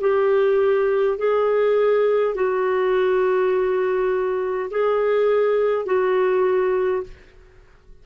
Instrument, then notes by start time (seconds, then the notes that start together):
clarinet
0.00 G4
1.18 G#4
2.34 F#4
4.70 G#4
5.85 F#4